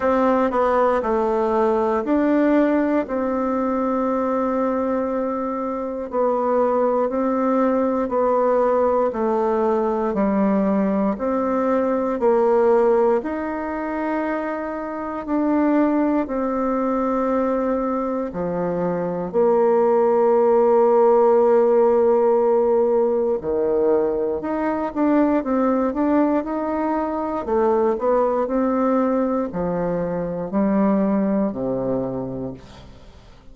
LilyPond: \new Staff \with { instrumentName = "bassoon" } { \time 4/4 \tempo 4 = 59 c'8 b8 a4 d'4 c'4~ | c'2 b4 c'4 | b4 a4 g4 c'4 | ais4 dis'2 d'4 |
c'2 f4 ais4~ | ais2. dis4 | dis'8 d'8 c'8 d'8 dis'4 a8 b8 | c'4 f4 g4 c4 | }